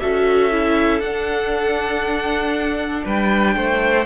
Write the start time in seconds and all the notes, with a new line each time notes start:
0.00 C#4 F#4 A4 E5
0.51 E4
1.00 D4 F#5
3.04 G3 B4 G5
3.56 A3 C5